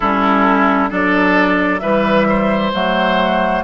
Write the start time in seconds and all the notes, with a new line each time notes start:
0.00 G3 C#4 E4 A4
0.89 F#3 D4 A4 D5
1.79 E3 G3 B4 E5
2.28 C5
2.73 F#3 A3 F#5